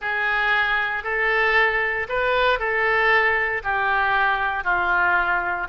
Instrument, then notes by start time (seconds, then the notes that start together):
oboe
0.01 G#4
1.03 A4
2.08 B4
2.59 A4
3.63 G4
4.64 F4